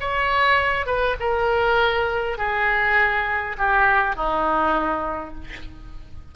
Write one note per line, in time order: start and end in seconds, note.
0.00 0.86 C#5
0.86 1.16 B4
1.20 2.38 A#4
2.38 3.57 G#4
3.58 4.16 G4
4.16 5.35 D#4